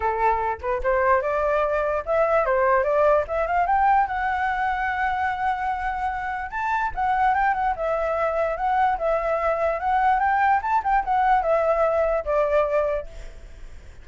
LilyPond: \new Staff \with { instrumentName = "flute" } { \time 4/4 \tempo 4 = 147 a'4. b'8 c''4 d''4~ | d''4 e''4 c''4 d''4 | e''8 f''8 g''4 fis''2~ | fis''1 |
a''4 fis''4 g''8 fis''8 e''4~ | e''4 fis''4 e''2 | fis''4 g''4 a''8 g''8 fis''4 | e''2 d''2 | }